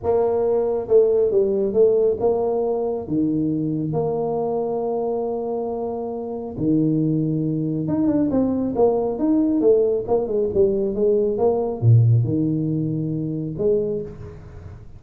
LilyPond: \new Staff \with { instrumentName = "tuba" } { \time 4/4 \tempo 4 = 137 ais2 a4 g4 | a4 ais2 dis4~ | dis4 ais2.~ | ais2. dis4~ |
dis2 dis'8 d'8 c'4 | ais4 dis'4 a4 ais8 gis8 | g4 gis4 ais4 ais,4 | dis2. gis4 | }